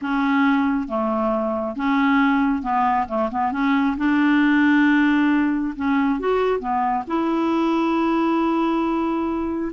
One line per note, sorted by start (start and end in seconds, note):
0.01 0.87 C#4
0.87 1.76 A3
1.76 2.62 C#4
2.62 3.06 B3
3.08 3.30 A3
3.31 3.52 B3
3.52 3.96 C#4
3.97 5.74 D4
5.76 6.19 C#4
6.19 6.59 F#4
6.59 7.03 B3
7.07 9.71 E4